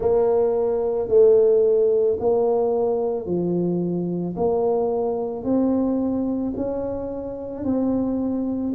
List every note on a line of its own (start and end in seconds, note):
0.00 1.08 A#3
1.08 2.17 A3
2.19 3.26 A#3
3.26 4.35 F3
4.36 5.43 A#3
5.43 6.53 C4
6.56 7.64 C#4
7.64 8.73 C4